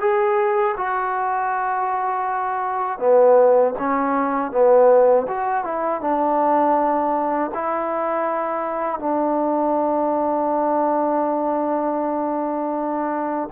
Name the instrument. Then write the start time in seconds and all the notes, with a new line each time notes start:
trombone
0.00 G#4
0.77 F#4
2.99 B3
3.78 C#4
4.51 B3
5.27 F#4
5.64 E4
6.01 D4
7.54 E4
8.99 D4